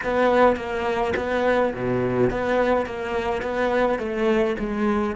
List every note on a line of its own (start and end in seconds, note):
0.03 0.56 B3
0.56 1.13 A#3
1.16 1.73 B3
1.74 2.30 B2
2.30 2.86 B3
2.86 3.41 A#3
3.41 3.98 B3
3.98 4.56 A3
4.59 5.15 G#3